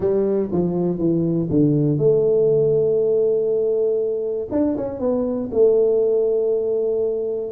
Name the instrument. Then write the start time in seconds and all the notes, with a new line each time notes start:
tuba
0.00 G3
0.51 F3
0.98 E3
1.50 D3
1.98 A3
4.51 D4
4.77 C#4
4.99 B3
5.51 A3